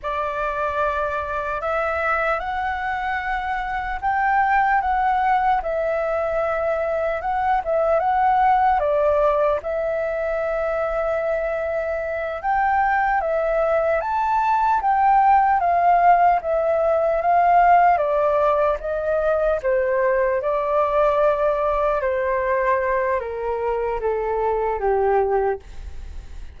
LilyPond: \new Staff \with { instrumentName = "flute" } { \time 4/4 \tempo 4 = 75 d''2 e''4 fis''4~ | fis''4 g''4 fis''4 e''4~ | e''4 fis''8 e''8 fis''4 d''4 | e''2.~ e''8 g''8~ |
g''8 e''4 a''4 g''4 f''8~ | f''8 e''4 f''4 d''4 dis''8~ | dis''8 c''4 d''2 c''8~ | c''4 ais'4 a'4 g'4 | }